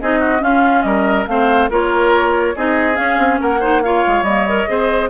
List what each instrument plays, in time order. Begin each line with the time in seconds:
0.00 bassoon C4, clarinet D#4, oboe G#4, flute D#5
0.19 oboe F#4
0.39 clarinet C#4, bassoon C#4, oboe F4, flute F5
0.82 bassoon G3, oboe A#4, flute D#5
1.27 bassoon A3, clarinet C4, oboe C5, flute F5
1.70 bassoon A#3, clarinet F4, oboe A#4, flute C#5
2.55 bassoon C4, clarinet D#4, oboe G#4, flute D#5
2.94 clarinet C#4, bassoon C#4, flute F5
3.18 bassoon C4
3.40 bassoon A#3, oboe A#4, flute F#5
3.60 clarinet D#4, oboe C5
3.82 clarinet F4, oboe C#5, flute F5
4.06 bassoon G#3
4.22 bassoon G3, clarinet A#3, flute D#5
4.48 clarinet A#4
4.67 bassoon C4, clarinet G#4, oboe C5